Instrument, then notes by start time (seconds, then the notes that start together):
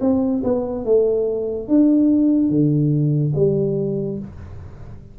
tuba
0.00 C4
0.43 B3
0.84 A3
1.68 D4
2.49 D3
3.35 G3